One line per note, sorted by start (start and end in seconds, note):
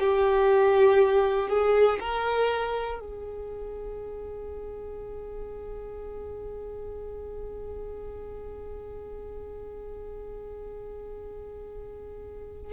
0.00 1.49 G4
1.49 1.99 G#4
2.00 3.00 A#4
3.00 12.73 G#4